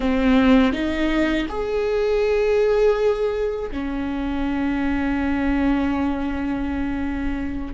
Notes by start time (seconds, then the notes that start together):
0.00 C4
0.72 D#4
1.48 G#4
3.71 C#4